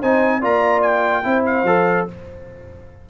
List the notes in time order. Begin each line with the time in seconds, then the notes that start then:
0.00 C4 D#4 C5 G#5
0.40 A#3 F4 D5 A#5
0.82 G5
1.23 C4 E4 C5
1.46 F5
1.64 F3 A4